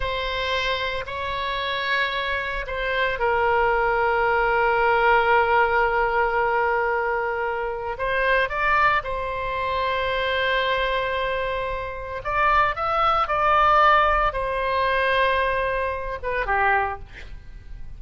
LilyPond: \new Staff \with { instrumentName = "oboe" } { \time 4/4 \tempo 4 = 113 c''2 cis''2~ | cis''4 c''4 ais'2~ | ais'1~ | ais'2. c''4 |
d''4 c''2.~ | c''2. d''4 | e''4 d''2 c''4~ | c''2~ c''8 b'8 g'4 | }